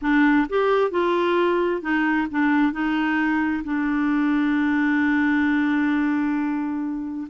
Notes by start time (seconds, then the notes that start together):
0.01 D4
0.49 G4
0.90 F4
1.81 D#4
2.30 D4
2.72 D#4
3.64 D4